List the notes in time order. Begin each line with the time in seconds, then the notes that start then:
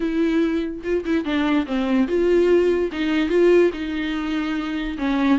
0.00 E4
0.83 F4
1.05 E4
1.24 D4
1.66 C4
2.08 F4
2.92 D#4
3.29 F4
3.73 D#4
4.97 C#4